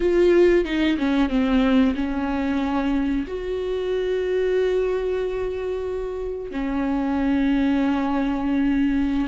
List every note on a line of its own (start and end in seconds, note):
0.00 0.64 F4
0.64 0.97 D#4
0.98 1.29 C#4
1.29 1.94 C4
1.95 3.25 C#4
3.27 6.51 F#4
6.51 9.28 C#4